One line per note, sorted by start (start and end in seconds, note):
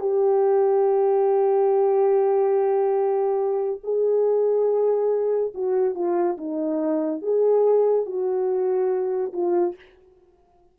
0.00 3.80 G4
3.83 5.52 G#4
5.54 5.94 F#4
5.94 6.36 F4
6.37 7.21 D#4
7.21 8.06 G#4
8.06 9.32 F#4
9.33 9.75 F4